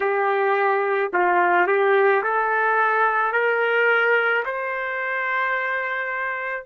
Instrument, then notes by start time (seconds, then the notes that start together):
trumpet
0.00 G4
1.13 F4
1.67 G4
2.23 A4
3.32 A#4
4.45 C5